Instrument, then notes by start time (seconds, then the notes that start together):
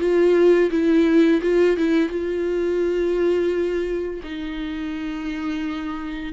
viola
0.00 F4
0.71 E4
1.42 F4
1.77 E4
2.09 F4
4.24 D#4